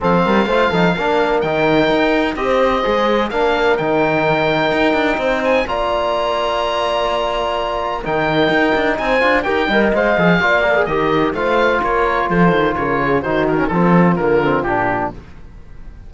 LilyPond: <<
  \new Staff \with { instrumentName = "oboe" } { \time 4/4 \tempo 4 = 127 f''2. g''4~ | g''4 dis''2 f''4 | g''2.~ g''8 gis''8 | ais''1~ |
ais''4 g''2 gis''4 | g''4 f''2 dis''4 | f''4 cis''4 c''4 cis''4 | c''8 ais'8 a'4 ais'4 g'4 | }
  \new Staff \with { instrumentName = "horn" } { \time 4/4 a'8 ais'8 c''8 a'8 ais'2~ | ais'4 c''2 ais'4~ | ais'2. c''4 | d''1~ |
d''4 ais'2 c''4 | ais'8 dis''4. d''4 ais'4 | c''4 ais'4 a'4 ais'8 gis'8 | fis'4 f'2. | }
  \new Staff \with { instrumentName = "trombone" } { \time 4/4 c'4 f'8 dis'8 d'4 dis'4~ | dis'4 g'4 gis'4 d'4 | dis'1 | f'1~ |
f'4 dis'2~ dis'8 f'8 | g'8 ais'8 c''8 gis'8 f'8 ais'16 gis'16 g'4 | f'1 | dis'8. cis'16 c'4 ais8 c'8 d'4 | }
  \new Staff \with { instrumentName = "cello" } { \time 4/4 f8 g8 a8 f8 ais4 dis4 | dis'4 c'4 gis4 ais4 | dis2 dis'8 d'8 c'4 | ais1~ |
ais4 dis4 dis'8 d'8 c'8 d'8 | dis'8 g8 gis8 f8 ais4 dis4 | a4 ais4 f8 dis8 cis4 | dis4 f4 d4 ais,4 | }
>>